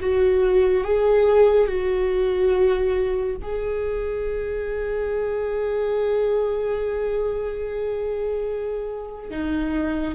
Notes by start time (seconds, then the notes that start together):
0.00 F#4
0.84 G#4
1.67 F#4
3.41 G#4
9.30 D#4